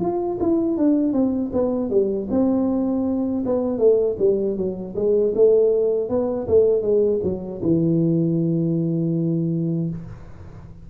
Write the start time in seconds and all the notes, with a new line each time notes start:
0.00 F4
0.40 E4
0.77 D4
1.13 C4
1.53 B3
1.90 G3
2.30 C4
3.45 B3
3.78 A3
4.19 G3
4.57 F#3
4.95 G#3
5.35 A3
6.09 B3
6.48 A3
6.82 G#3
7.23 F#3
7.62 E3